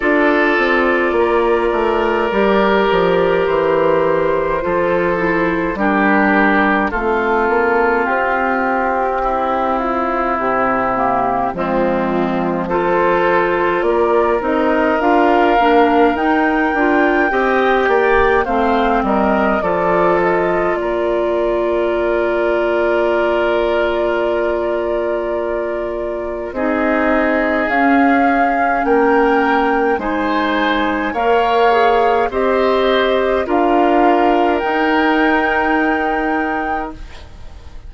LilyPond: <<
  \new Staff \with { instrumentName = "flute" } { \time 4/4 \tempo 4 = 52 d''2. c''4~ | c''4 ais'4 a'4 g'4~ | g'8 f'8 g'4 f'4 c''4 | d''8 dis''8 f''4 g''2 |
f''8 dis''8 d''8 dis''8 d''2~ | d''2. dis''4 | f''4 g''4 gis''4 f''4 | dis''4 f''4 g''2 | }
  \new Staff \with { instrumentName = "oboe" } { \time 4/4 a'4 ais'2. | a'4 g'4 f'2 | e'2 c'4 a'4 | ais'2. dis''8 d''8 |
c''8 ais'8 a'4 ais'2~ | ais'2. gis'4~ | gis'4 ais'4 c''4 cis''4 | c''4 ais'2. | }
  \new Staff \with { instrumentName = "clarinet" } { \time 4/4 f'2 g'2 | f'8 e'8 d'4 c'2~ | c'4. ais8 gis4 f'4~ | f'8 dis'8 f'8 d'8 dis'8 f'8 g'4 |
c'4 f'2.~ | f'2. dis'4 | cis'2 dis'4 ais'8 gis'8 | g'4 f'4 dis'2 | }
  \new Staff \with { instrumentName = "bassoon" } { \time 4/4 d'8 c'8 ais8 a8 g8 f8 e4 | f4 g4 a8 ais8 c'4~ | c'4 c4 f2 | ais8 c'8 d'8 ais8 dis'8 d'8 c'8 ais8 |
a8 g8 f4 ais2~ | ais2. c'4 | cis'4 ais4 gis4 ais4 | c'4 d'4 dis'2 | }
>>